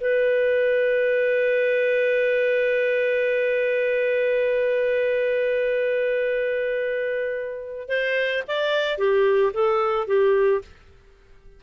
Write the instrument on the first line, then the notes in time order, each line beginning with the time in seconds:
clarinet
0.00 B4
7.88 C5
8.47 D5
8.98 G4
9.53 A4
10.07 G4